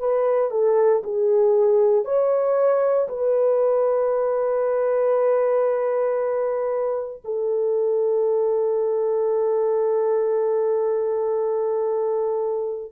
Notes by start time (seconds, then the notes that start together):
0.00 B4
0.51 A4
1.04 G#4
2.05 C#5
3.09 B4
7.25 A4